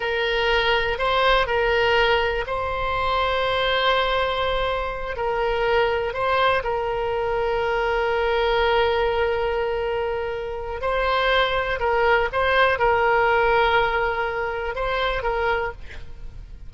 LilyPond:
\new Staff \with { instrumentName = "oboe" } { \time 4/4 \tempo 4 = 122 ais'2 c''4 ais'4~ | ais'4 c''2.~ | c''2~ c''8 ais'4.~ | ais'8 c''4 ais'2~ ais'8~ |
ais'1~ | ais'2 c''2 | ais'4 c''4 ais'2~ | ais'2 c''4 ais'4 | }